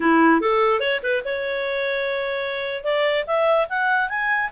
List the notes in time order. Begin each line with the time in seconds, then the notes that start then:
0.00 E4
0.41 A4
0.80 C#5
1.02 B4
1.24 C#5
2.83 D5
3.26 E5
3.69 F#5
4.09 G#5